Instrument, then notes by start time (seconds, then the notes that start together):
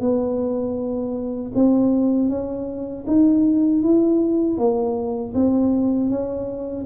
tuba
0.00 B3
1.55 C4
2.29 C#4
3.07 D#4
3.82 E4
4.57 A#3
5.34 C4
6.10 C#4